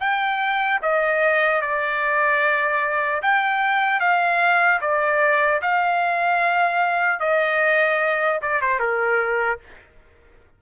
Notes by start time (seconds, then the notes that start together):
0.00 G5
0.83 D#5
1.62 D5
3.23 G5
4.01 F5
4.81 D5
5.62 F5
7.20 D#5
8.42 D5
8.62 C5
8.80 A#4